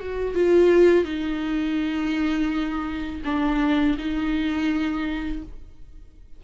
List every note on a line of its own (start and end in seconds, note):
0.00 0.35 F#4
0.35 1.05 F4
1.05 3.22 D#4
3.25 3.98 D4
3.98 5.43 D#4